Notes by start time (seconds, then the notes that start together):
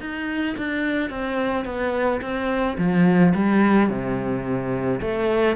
0.00 D#4
0.57 D4
1.10 C4
1.65 B3
2.21 C4
2.78 F3
3.35 G3
3.89 C3
5.01 A3